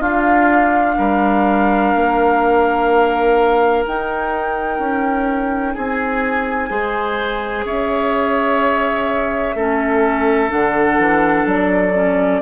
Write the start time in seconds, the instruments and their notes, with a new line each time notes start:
0.00 bassoon D4, clarinet D4, oboe F4, flute F5
0.98 bassoon G3, oboe A#4
1.95 bassoon A#3
3.85 clarinet D#4, bassoon D#4, flute G5
4.79 bassoon C#4
5.74 bassoon C4, oboe G#4, flute G#5
6.70 bassoon G#3, clarinet G#4, oboe C5
7.65 bassoon C#4, oboe C#5, flute E5
9.55 bassoon A3, clarinet C#4, oboe A4
10.50 bassoon D3, clarinet D4, flute F#5
10.98 bassoon E3
11.46 bassoon F#3, flute D5
11.94 clarinet C#4